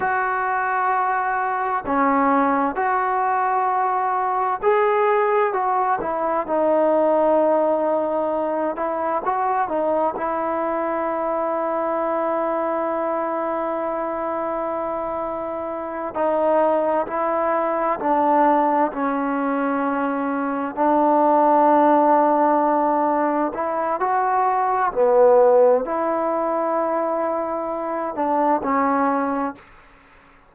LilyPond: \new Staff \with { instrumentName = "trombone" } { \time 4/4 \tempo 4 = 65 fis'2 cis'4 fis'4~ | fis'4 gis'4 fis'8 e'8 dis'4~ | dis'4. e'8 fis'8 dis'8 e'4~ | e'1~ |
e'4. dis'4 e'4 d'8~ | d'8 cis'2 d'4.~ | d'4. e'8 fis'4 b4 | e'2~ e'8 d'8 cis'4 | }